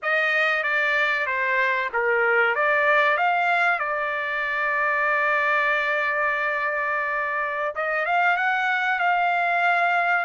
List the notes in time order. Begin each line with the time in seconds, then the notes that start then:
0.02 D#5
0.63 D5
1.26 C5
1.93 A#4
2.55 D5
3.17 F5
3.79 D5
7.75 D#5
8.05 F5
8.36 F#5
8.99 F5